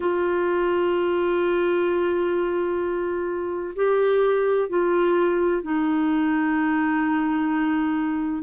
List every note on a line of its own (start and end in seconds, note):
0.00 3.74 F4
3.75 4.69 G4
4.69 5.62 F4
5.62 8.42 D#4